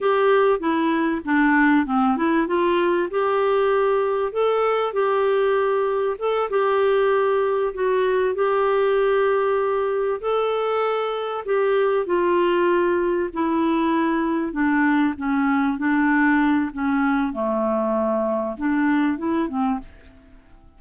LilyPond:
\new Staff \with { instrumentName = "clarinet" } { \time 4/4 \tempo 4 = 97 g'4 e'4 d'4 c'8 e'8 | f'4 g'2 a'4 | g'2 a'8 g'4.~ | g'8 fis'4 g'2~ g'8~ |
g'8 a'2 g'4 f'8~ | f'4. e'2 d'8~ | d'8 cis'4 d'4. cis'4 | a2 d'4 e'8 c'8 | }